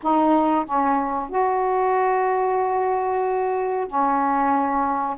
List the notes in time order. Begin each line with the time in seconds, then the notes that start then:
0.02 D#4
0.65 C#4
1.29 F#4
3.87 C#4